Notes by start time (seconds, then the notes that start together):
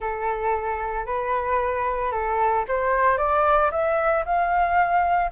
0.00 A4
1.06 B4
2.11 A4
2.67 C5
3.17 D5
3.71 E5
4.25 F5